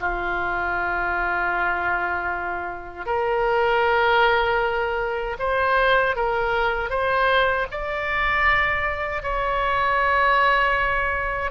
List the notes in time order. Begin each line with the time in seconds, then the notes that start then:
0.00 F4
3.06 A#4
5.39 C5
6.16 A#4
6.90 C5
7.71 D5
9.23 C#5